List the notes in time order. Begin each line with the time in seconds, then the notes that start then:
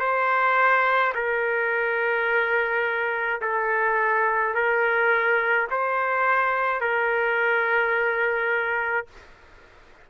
0.00 C5
1.15 A#4
3.42 A4
4.55 A#4
5.71 C5
6.81 A#4